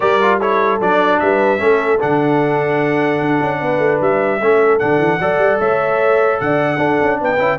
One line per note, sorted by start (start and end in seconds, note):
0.00 0.80 G3
0.00 0.19 G4
0.00 0.39 A#4
0.00 0.40 D5
0.21 0.40 F4
0.39 0.80 E4
0.39 1.19 A4
0.39 0.80 C#5
0.80 1.20 F#3
0.80 1.58 D4
0.80 1.19 D5
1.19 1.60 G3
1.19 1.61 B4
1.19 1.99 E5
1.58 2.00 A3
1.58 1.98 C#4
1.58 3.59 A4
2.00 3.20 D3
2.00 4.40 D4
2.00 4.01 F#5
3.20 3.40 D4
3.41 3.61 C#4
3.59 3.78 B3
3.59 4.39 B4
3.78 3.98 A3
4.00 4.40 G3
4.00 4.78 E5
4.40 4.80 A3
4.40 4.79 C#4
4.40 5.20 A4
4.78 4.98 D3
4.78 5.19 D4
4.78 5.58 F#5
4.98 5.18 E3
5.19 5.38 F#3
5.19 6.77 A4
5.19 5.60 D5
5.38 5.58 G3
5.59 6.39 A3
5.59 6.40 C#5
5.59 6.40 E5
6.40 6.77 D3
6.40 6.78 D5
6.40 7.20 F#5
6.77 7.37 D4
6.77 6.97 D4
6.77 7.18 A4
7.01 7.21 C#4
7.20 7.39 B3
7.20 7.58 B4
7.20 7.58 G5
7.38 7.58 C#4
7.38 7.58 E4